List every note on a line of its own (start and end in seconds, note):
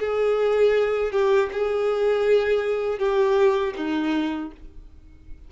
0.00 1.12 G#4
1.12 1.50 G4
1.53 2.99 G#4
2.99 3.74 G4
3.77 4.52 D#4